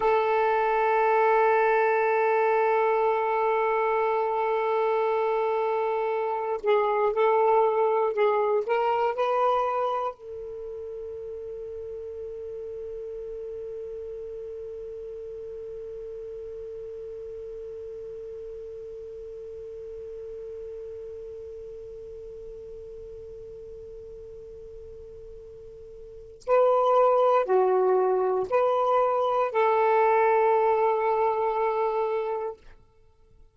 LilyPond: \new Staff \with { instrumentName = "saxophone" } { \time 4/4 \tempo 4 = 59 a'1~ | a'2~ a'8 gis'8 a'4 | gis'8 ais'8 b'4 a'2~ | a'1~ |
a'1~ | a'1~ | a'2 b'4 fis'4 | b'4 a'2. | }